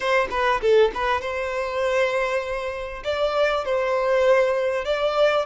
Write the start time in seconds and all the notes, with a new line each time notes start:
0.00 C5
0.30 B4
0.61 A4
0.94 B4
1.21 C5
3.04 D5
3.64 C5
4.85 D5